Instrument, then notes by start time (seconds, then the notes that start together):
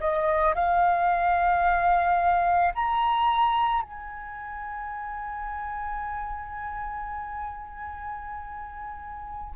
flute
0.00 D#5
0.55 F5
2.75 A#5
3.82 G#5